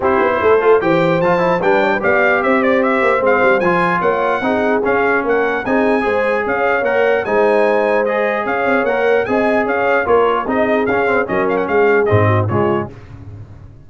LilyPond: <<
  \new Staff \with { instrumentName = "trumpet" } { \time 4/4 \tempo 4 = 149 c''2 g''4 a''4 | g''4 f''4 e''8 d''8 e''4 | f''4 gis''4 fis''2 | f''4 fis''4 gis''2 |
f''4 fis''4 gis''2 | dis''4 f''4 fis''4 gis''4 | f''4 cis''4 dis''4 f''4 | dis''8 f''16 fis''16 f''4 dis''4 cis''4 | }
  \new Staff \with { instrumentName = "horn" } { \time 4/4 g'4 a'4 c''2 | b'8 cis''16 b'16 d''4 c''2~ | c''2 cis''4 gis'4~ | gis'4 ais'4 gis'4 c''4 |
cis''2 c''2~ | c''4 cis''2 dis''4 | cis''4 ais'4 gis'2 | ais'4 gis'4. fis'8 f'4 | }
  \new Staff \with { instrumentName = "trombone" } { \time 4/4 e'4. f'8 g'4 f'8 e'8 | d'4 g'2. | c'4 f'2 dis'4 | cis'2 dis'4 gis'4~ |
gis'4 ais'4 dis'2 | gis'2 ais'4 gis'4~ | gis'4 f'4 dis'4 cis'8 c'8 | cis'2 c'4 gis4 | }
  \new Staff \with { instrumentName = "tuba" } { \time 4/4 c'8 b8 a4 e4 f4 | g4 b4 c'4. ais8 | gis8 g8 f4 ais4 c'4 | cis'4 ais4 c'4 gis4 |
cis'4 ais4 gis2~ | gis4 cis'8 c'8 ais4 c'4 | cis'4 ais4 c'4 cis'4 | fis4 gis4 gis,4 cis4 | }
>>